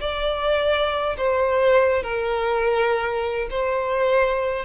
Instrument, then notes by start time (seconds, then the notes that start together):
violin
0.00 D5
1.17 C5
2.03 A#4
3.50 C5